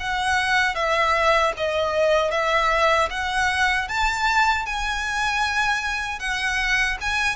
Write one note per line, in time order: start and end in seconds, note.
0.00 0.75 F#5
0.75 1.53 E5
1.57 2.31 D#5
2.31 3.09 E5
3.10 3.88 F#5
3.89 4.66 A5
4.66 6.19 G#5
6.19 6.98 F#5
7.01 7.36 G#5